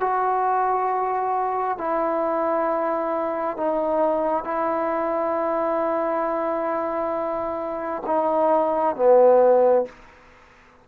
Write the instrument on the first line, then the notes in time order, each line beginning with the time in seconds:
trombone
0.00 F#4
1.78 E4
3.57 D#4
4.45 E4
8.06 D#4
8.96 B3